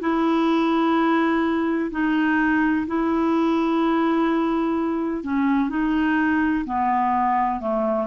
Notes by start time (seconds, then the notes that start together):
0.00 E4
1.91 D#4
2.87 E4
5.23 C#4
5.69 D#4
6.65 B3
7.60 A3